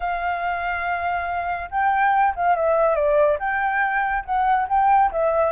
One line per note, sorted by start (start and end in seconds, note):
0.00 1.69 F5
1.70 2.34 G5
2.35 2.55 F5
2.55 2.95 E5
2.95 3.37 D5
3.39 4.24 G5
4.25 4.67 F#5
4.68 5.11 G5
5.11 5.51 E5